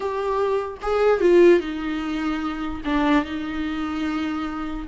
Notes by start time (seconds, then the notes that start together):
0.00 G4
0.82 G#4
1.21 F4
1.60 D#4
2.85 D4
3.25 D#4